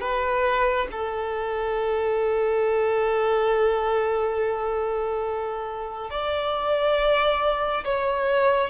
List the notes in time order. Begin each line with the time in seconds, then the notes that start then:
0.00 B4
0.91 A4
6.10 D5
7.84 C#5